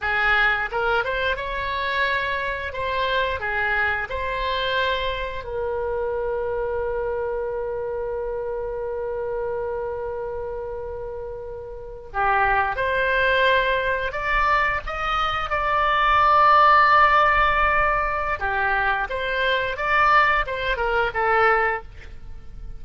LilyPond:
\new Staff \with { instrumentName = "oboe" } { \time 4/4 \tempo 4 = 88 gis'4 ais'8 c''8 cis''2 | c''4 gis'4 c''2 | ais'1~ | ais'1~ |
ais'4.~ ais'16 g'4 c''4~ c''16~ | c''8. d''4 dis''4 d''4~ d''16~ | d''2. g'4 | c''4 d''4 c''8 ais'8 a'4 | }